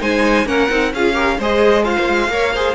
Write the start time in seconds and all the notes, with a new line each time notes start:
0.00 G#3 D#4 C5 G#5
0.45 A#3 C#4 A#4 F#5
0.69 C4 D#4
0.93 C#4 F4 G#4 F5
1.13 G4 A#4
1.38 G#3 G#4 C5 D#5
1.84 F4 C5 F5
1.98 A#3
2.08 G#3
2.28 A#3 A#4 C#5
2.54 G#4 C5